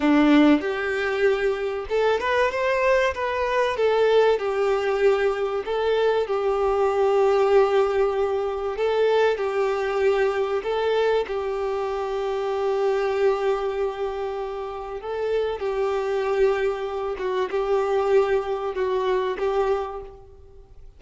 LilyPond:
\new Staff \with { instrumentName = "violin" } { \time 4/4 \tempo 4 = 96 d'4 g'2 a'8 b'8 | c''4 b'4 a'4 g'4~ | g'4 a'4 g'2~ | g'2 a'4 g'4~ |
g'4 a'4 g'2~ | g'1 | a'4 g'2~ g'8 fis'8 | g'2 fis'4 g'4 | }